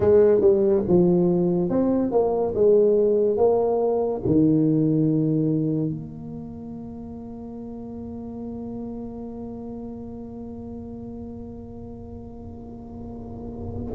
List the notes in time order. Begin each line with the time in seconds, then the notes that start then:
0.00 G#3
0.40 G3
0.88 F3
1.69 C4
2.11 A#3
2.54 G#3
3.37 A#3
4.26 D#3
5.90 A#3